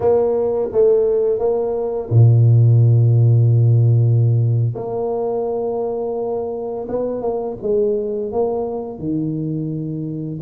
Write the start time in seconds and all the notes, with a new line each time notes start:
0.00 A#3
0.72 A3
1.39 A#3
2.10 A#2
4.75 A#3
6.88 B3
7.21 A#3
7.62 G#3
8.31 A#3
8.98 D#3